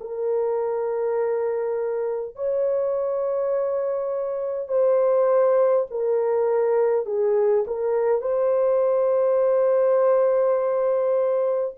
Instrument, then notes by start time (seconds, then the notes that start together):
horn
0.00 A#4
2.35 C#5
4.68 C5
5.90 A#4
7.05 G#4
7.67 A#4
8.21 C5